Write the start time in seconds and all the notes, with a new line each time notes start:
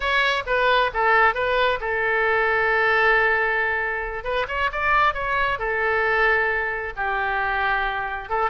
0.00 C#5
0.46 B4
0.93 A4
1.34 B4
1.80 A4
4.23 B4
4.48 C#5
4.72 D5
5.14 C#5
5.58 A4
6.96 G4
8.29 A4